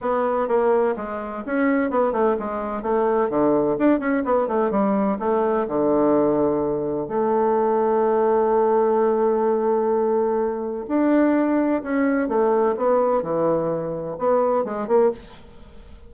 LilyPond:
\new Staff \with { instrumentName = "bassoon" } { \time 4/4 \tempo 4 = 127 b4 ais4 gis4 cis'4 | b8 a8 gis4 a4 d4 | d'8 cis'8 b8 a8 g4 a4 | d2. a4~ |
a1~ | a2. d'4~ | d'4 cis'4 a4 b4 | e2 b4 gis8 ais8 | }